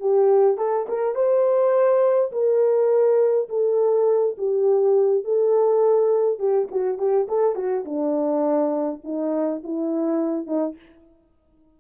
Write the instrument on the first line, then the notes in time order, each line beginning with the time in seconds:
horn
0.00 G4
0.57 A4
0.88 A#4
1.15 C5
2.32 A#4
3.49 A4
4.38 G4
5.24 A4
6.39 G4
6.71 F#4
6.98 G4
7.28 A4
7.55 F#4
7.85 D4
9.04 D#4
9.63 E4
10.46 D#4